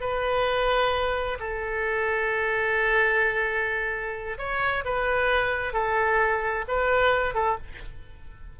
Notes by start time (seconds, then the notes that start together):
0.00 B4
1.39 A4
4.38 C#5
4.84 B4
5.73 A4
6.68 B4
7.34 A4